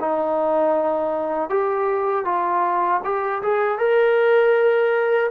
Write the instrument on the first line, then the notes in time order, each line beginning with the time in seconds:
trombone
0.00 D#4
1.49 G4
2.25 F4
3.04 G4
3.42 G#4
3.78 A#4